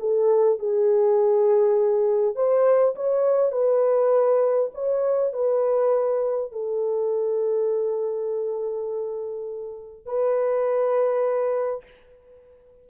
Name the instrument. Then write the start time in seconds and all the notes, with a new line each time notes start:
horn
0.00 A4
0.59 G#4
2.35 C5
2.95 C#5
3.52 B4
4.74 C#5
5.33 B4
6.52 A4
10.06 B4